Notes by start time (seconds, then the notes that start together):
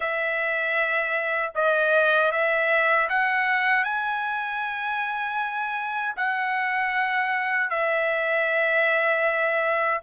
0.00 E5
1.55 D#5
2.31 E5
3.09 F#5
3.84 G#5
6.16 F#5
7.70 E5